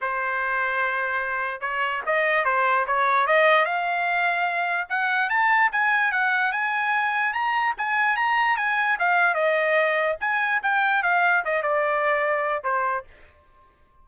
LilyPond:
\new Staff \with { instrumentName = "trumpet" } { \time 4/4 \tempo 4 = 147 c''1 | cis''4 dis''4 c''4 cis''4 | dis''4 f''2. | fis''4 a''4 gis''4 fis''4 |
gis''2 ais''4 gis''4 | ais''4 gis''4 f''4 dis''4~ | dis''4 gis''4 g''4 f''4 | dis''8 d''2~ d''8 c''4 | }